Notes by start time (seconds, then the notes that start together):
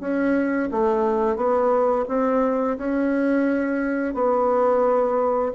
0.00 C#4
0.71 A3
1.36 B3
2.08 C4
2.78 C#4
4.14 B3